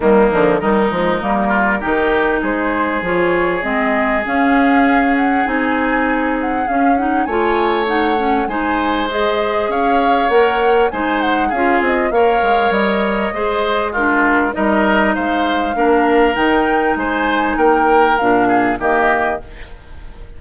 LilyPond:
<<
  \new Staff \with { instrumentName = "flute" } { \time 4/4 \tempo 4 = 99 dis'4 ais'2. | c''4 cis''4 dis''4 f''4~ | f''8 fis''8 gis''4. fis''8 f''8 fis''8 | gis''4 fis''4 gis''4 dis''4 |
f''4 fis''4 gis''8 fis''8 f''8 dis''8 | f''4 dis''2 ais'4 | dis''4 f''2 g''4 | gis''4 g''4 f''4 dis''4 | }
  \new Staff \with { instrumentName = "oboe" } { \time 4/4 ais4 dis'4. f'8 g'4 | gis'1~ | gis'1 | cis''2 c''2 |
cis''2 c''4 gis'4 | cis''2 c''4 f'4 | ais'4 c''4 ais'2 | c''4 ais'4. gis'8 g'4 | }
  \new Staff \with { instrumentName = "clarinet" } { \time 4/4 g8 f8 g8 gis8 ais4 dis'4~ | dis'4 f'4 c'4 cis'4~ | cis'4 dis'2 cis'8 dis'8 | f'4 dis'8 cis'8 dis'4 gis'4~ |
gis'4 ais'4 dis'4 f'4 | ais'2 gis'4 d'4 | dis'2 d'4 dis'4~ | dis'2 d'4 ais4 | }
  \new Staff \with { instrumentName = "bassoon" } { \time 4/4 dis8 d8 dis8 f8 g4 dis4 | gis4 f4 gis4 cis'4~ | cis'4 c'2 cis'4 | a2 gis2 |
cis'4 ais4 gis4 cis'8 c'8 | ais8 gis8 g4 gis2 | g4 gis4 ais4 dis4 | gis4 ais4 ais,4 dis4 | }
>>